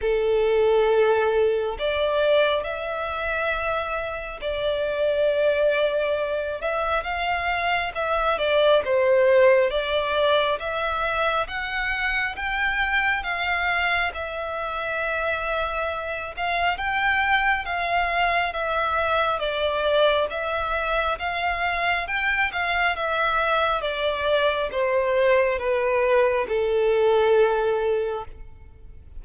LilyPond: \new Staff \with { instrumentName = "violin" } { \time 4/4 \tempo 4 = 68 a'2 d''4 e''4~ | e''4 d''2~ d''8 e''8 | f''4 e''8 d''8 c''4 d''4 | e''4 fis''4 g''4 f''4 |
e''2~ e''8 f''8 g''4 | f''4 e''4 d''4 e''4 | f''4 g''8 f''8 e''4 d''4 | c''4 b'4 a'2 | }